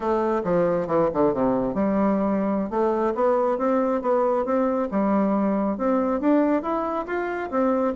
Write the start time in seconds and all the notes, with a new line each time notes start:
0.00 A3
0.43 F3
0.87 E3
1.13 D3
1.33 C3
1.74 G3
2.70 A3
3.15 B3
3.58 C4
4.01 B3
4.45 C4
4.91 G3
5.77 C4
6.20 D4
6.62 E4
7.06 F4
7.50 C4